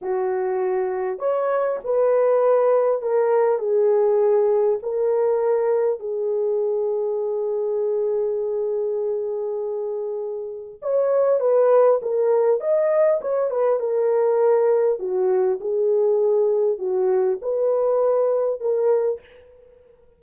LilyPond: \new Staff \with { instrumentName = "horn" } { \time 4/4 \tempo 4 = 100 fis'2 cis''4 b'4~ | b'4 ais'4 gis'2 | ais'2 gis'2~ | gis'1~ |
gis'2 cis''4 b'4 | ais'4 dis''4 cis''8 b'8 ais'4~ | ais'4 fis'4 gis'2 | fis'4 b'2 ais'4 | }